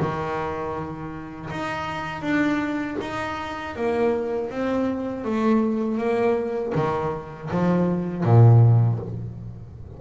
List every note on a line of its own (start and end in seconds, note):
0.00 1.50 D#3
1.50 2.22 D#4
2.22 2.97 D4
3.01 3.76 D#4
3.76 4.50 A#3
4.50 5.25 C4
5.25 5.98 A3
5.98 6.73 A#3
6.75 7.50 D#3
7.51 8.24 F3
8.24 8.99 A#2